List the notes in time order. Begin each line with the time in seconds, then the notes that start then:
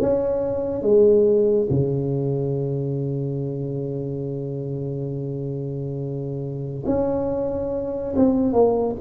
0.00 C#4
0.82 G#3
1.70 C#3
6.86 C#4
8.16 C4
8.53 A#3